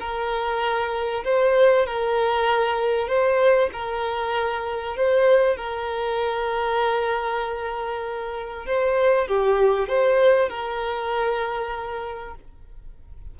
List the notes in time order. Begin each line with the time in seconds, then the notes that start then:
0.00 A#4
1.24 C5
1.86 A#4
3.08 C5
3.73 A#4
4.96 C5
5.57 A#4
8.66 C5
9.27 G4
9.89 C5
10.49 A#4